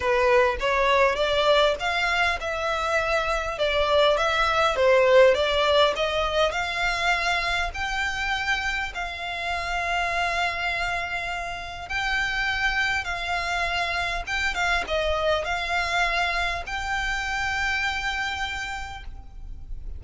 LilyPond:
\new Staff \with { instrumentName = "violin" } { \time 4/4 \tempo 4 = 101 b'4 cis''4 d''4 f''4 | e''2 d''4 e''4 | c''4 d''4 dis''4 f''4~ | f''4 g''2 f''4~ |
f''1 | g''2 f''2 | g''8 f''8 dis''4 f''2 | g''1 | }